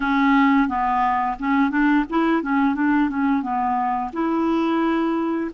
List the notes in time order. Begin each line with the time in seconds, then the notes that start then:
0.00 C#4
0.68 B3
1.39 C#4
1.70 D4
2.09 E4
2.42 C#4
2.75 D4
3.09 C#4
3.42 B3
4.12 E4